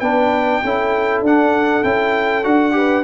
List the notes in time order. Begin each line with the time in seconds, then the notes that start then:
0.00 B3 D4 B4 G5
0.64 C#4 E4 A4
1.21 D4 F#5
1.83 C#4 E4 G5
2.44 D4 F#4 F#5
2.71 G4 B4